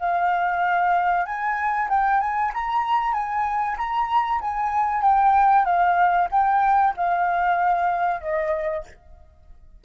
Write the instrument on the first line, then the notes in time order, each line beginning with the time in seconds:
flute
0.00 F5
1.26 G#5
1.90 G5
2.21 G#5
2.54 A#5
3.14 G#5
3.78 A#5
4.42 G#5
5.02 G5
5.66 F5
6.32 G5
6.97 F5
8.21 D#5